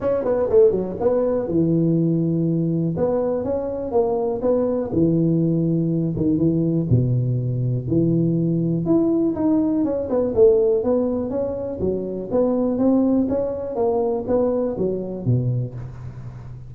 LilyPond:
\new Staff \with { instrumentName = "tuba" } { \time 4/4 \tempo 4 = 122 cis'8 b8 a8 fis8 b4 e4~ | e2 b4 cis'4 | ais4 b4 e2~ | e8 dis8 e4 b,2 |
e2 e'4 dis'4 | cis'8 b8 a4 b4 cis'4 | fis4 b4 c'4 cis'4 | ais4 b4 fis4 b,4 | }